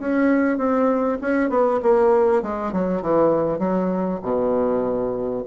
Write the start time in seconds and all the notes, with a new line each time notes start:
0.00 C#4
0.58 C4
1.21 C#4
1.50 B3
1.83 A#3
2.43 G#3
2.73 F#3
3.02 E3
3.59 F#3
4.23 B2